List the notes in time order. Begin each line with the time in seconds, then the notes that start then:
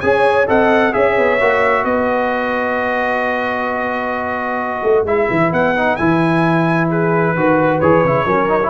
0.00 C#4 G#4 C#5 G#5
0.47 C4 A4 D#5 F#5
0.92 C#4 G#4 C#5 E5
1.17 B3
1.40 A#3 F#4
1.84 B3 B4 D#5
4.83 A3
5.04 G#3 E4 E5
5.30 E3
5.52 B3 F#5
5.75 D#4
5.96 E3 E4 G#5
6.89 G#4 B4
7.35 D#3 F#4 B4
7.80 E3 G#4 C#5
8.04 C#3 E4
8.25 F#3 C#4 A#4
8.48 D#4
8.62 E4